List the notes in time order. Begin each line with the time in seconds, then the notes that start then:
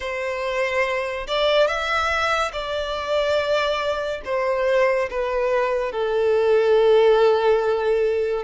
0.00 C5
1.27 D5
1.67 E5
2.52 D5
4.24 C5
5.09 B4
5.92 A4